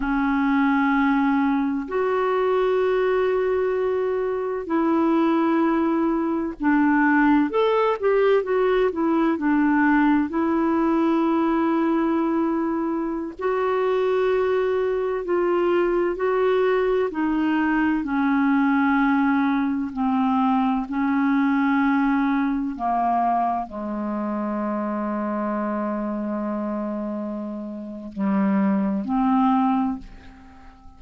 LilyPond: \new Staff \with { instrumentName = "clarinet" } { \time 4/4 \tempo 4 = 64 cis'2 fis'2~ | fis'4 e'2 d'4 | a'8 g'8 fis'8 e'8 d'4 e'4~ | e'2~ e'16 fis'4.~ fis'16~ |
fis'16 f'4 fis'4 dis'4 cis'8.~ | cis'4~ cis'16 c'4 cis'4.~ cis'16~ | cis'16 ais4 gis2~ gis8.~ | gis2 g4 c'4 | }